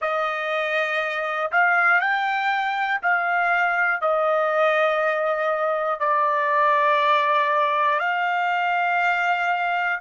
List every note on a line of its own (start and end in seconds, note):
0.00 1.50 D#5
1.51 2.00 F5
2.00 3.00 G5
3.01 4.00 F5
4.00 6.00 D#5
6.00 7.99 D5
7.99 9.99 F5